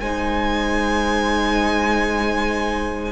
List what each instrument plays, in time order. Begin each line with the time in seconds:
0.00 cello G#3, viola D#4, violin C5 G#5